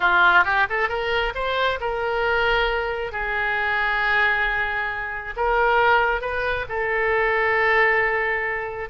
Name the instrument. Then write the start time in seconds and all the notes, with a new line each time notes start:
oboe
0.00 F4
0.44 G4
0.69 A4
0.88 A#4
1.34 C5
1.80 A#4
3.12 G#4
5.36 A#4
6.21 B4
6.68 A4